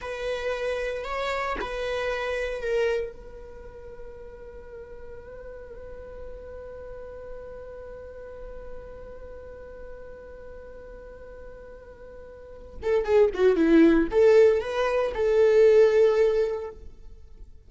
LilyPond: \new Staff \with { instrumentName = "viola" } { \time 4/4 \tempo 4 = 115 b'2 cis''4 b'4~ | b'4 ais'4 b'2~ | b'1~ | b'1~ |
b'1~ | b'1~ | b'8 a'8 gis'8 fis'8 e'4 a'4 | b'4 a'2. | }